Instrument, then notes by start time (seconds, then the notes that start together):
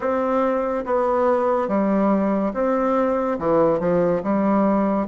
bassoon
0.00 C4
0.85 B3
1.68 G3
2.54 C4
3.38 E3
3.79 F3
4.23 G3